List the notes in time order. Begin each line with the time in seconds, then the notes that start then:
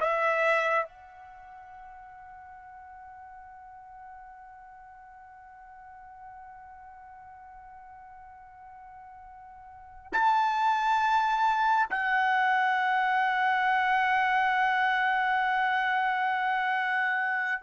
0.00 E5
0.85 F#5
10.13 A5
11.90 F#5